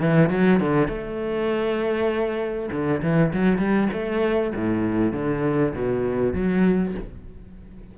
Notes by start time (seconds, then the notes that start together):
0.00 E3
0.30 F#3
0.60 D3
0.88 A3
2.72 D3
3.02 E3
3.34 F#3
3.58 G3
3.93 A3
4.55 A2
5.13 D3
5.74 B2
6.34 F#3